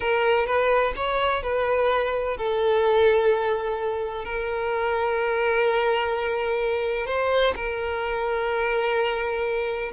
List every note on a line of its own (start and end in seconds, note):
0.00 0.46 A#4
0.46 0.93 B4
0.96 1.42 C#5
1.42 2.37 B4
2.37 4.24 A4
4.24 7.06 A#4
7.06 7.54 C5
7.55 9.91 A#4